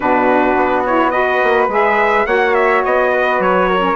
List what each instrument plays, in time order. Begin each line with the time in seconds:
0.00 bassoon B2, saxophone D4, flute F#4, trumpet B4
0.56 bassoon B3
0.85 saxophone E4, trumpet C#5
1.10 saxophone F#4, flute B4, trumpet D#5
1.43 bassoon A#3
1.68 bassoon G#3, saxophone G#4, trumpet E5
2.26 bassoon A#3, saxophone F#4, flute C#5, trumpet F#5
2.54 trumpet E5
2.84 bassoon B3, trumpet D#5
3.12 flute B4
3.39 bassoon F#3, trumpet C#5
3.69 flute A#4
3.78 saxophone C#4